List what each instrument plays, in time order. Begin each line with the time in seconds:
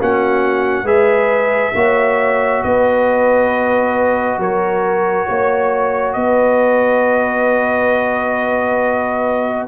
0.00 tuba A#3, trombone C#4, horn F#4, trumpet F#5
0.83 tuba G#3, trombone G#4, horn B4, trumpet E5
1.74 tuba A#3, trombone F#4, horn C#5
2.63 tuba B3, horn B4, trumpet D#5
4.38 tuba F#3, horn A#4, trumpet C#5
5.29 tuba A#3, horn C#5
6.13 tuba B3, horn B4, trumpet D#5